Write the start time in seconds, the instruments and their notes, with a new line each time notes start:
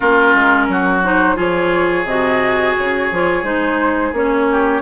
0.00 bassoon A#3, clarinet C#4, oboe F4, flute A#4
0.34 bassoon G#3
0.68 bassoon F#3, oboe F#4
1.04 clarinet D#4, flute C5
1.35 bassoon F3, clarinet F4, oboe G#4, flute C#5
2.04 bassoon C3, clarinet F#4, flute D#5
2.78 bassoon C#3, flute C#5
3.11 bassoon F3, clarinet F4
3.43 bassoon G#3, clarinet D#4, flute C5
4.12 bassoon A#3, clarinet C#4, flute C#5
4.51 oboe G4